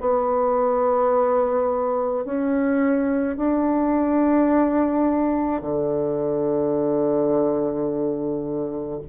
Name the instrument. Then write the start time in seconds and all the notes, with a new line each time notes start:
bassoon
0.00 B3
2.25 C#4
3.37 D4
5.61 D3